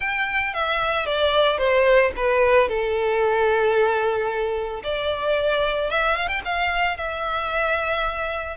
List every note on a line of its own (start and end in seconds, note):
0.00 0.53 G5
0.53 1.06 E5
1.06 1.58 D5
1.58 2.11 C5
2.16 2.68 B4
2.68 4.83 A4
4.83 5.90 D5
5.90 6.16 E5
6.16 6.28 F5
6.28 6.41 G5
6.45 6.97 F5
6.97 8.56 E5